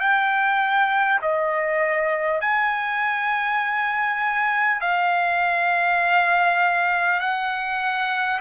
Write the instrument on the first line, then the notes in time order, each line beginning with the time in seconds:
trumpet
0.00 G5
1.22 D#5
2.41 G#5
4.81 F5
7.20 F#5